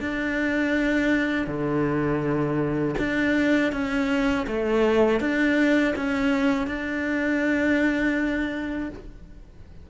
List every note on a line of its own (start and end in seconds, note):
0.00 1.47 D4
1.47 2.95 D3
2.98 3.72 D4
3.72 4.46 C#4
4.47 5.20 A3
5.20 5.94 D4
5.95 6.67 C#4
6.67 8.89 D4